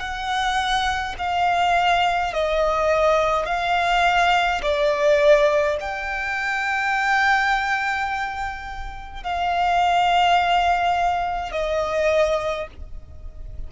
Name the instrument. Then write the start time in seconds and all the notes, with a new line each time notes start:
violin
0.00 F#5
1.18 F5
2.33 D#5
3.46 F5
4.62 D5
5.80 G5
9.24 F5
11.52 D#5